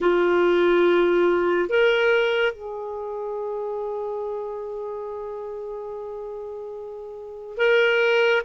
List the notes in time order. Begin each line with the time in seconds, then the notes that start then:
0.00 F4
1.69 A#4
2.52 G#4
7.57 A#4